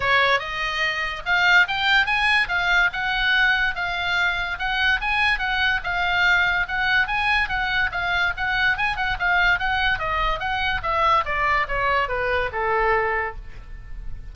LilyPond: \new Staff \with { instrumentName = "oboe" } { \time 4/4 \tempo 4 = 144 cis''4 dis''2 f''4 | g''4 gis''4 f''4 fis''4~ | fis''4 f''2 fis''4 | gis''4 fis''4 f''2 |
fis''4 gis''4 fis''4 f''4 | fis''4 gis''8 fis''8 f''4 fis''4 | dis''4 fis''4 e''4 d''4 | cis''4 b'4 a'2 | }